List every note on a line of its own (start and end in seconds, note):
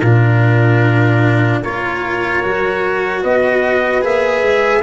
0.00 1.62 A#2
0.00 1.64 D4
0.00 1.62 F4
0.00 1.60 A#4
1.62 2.43 A#3
1.62 2.43 F4
1.62 3.22 A#4
1.62 3.24 C#5
2.43 3.24 F#3
2.43 4.02 F#4
3.23 4.03 B3
3.23 4.83 B4
3.23 4.04 D#5
4.02 4.43 A#3
4.02 4.82 G#4
4.02 4.83 E5
4.43 4.83 G#3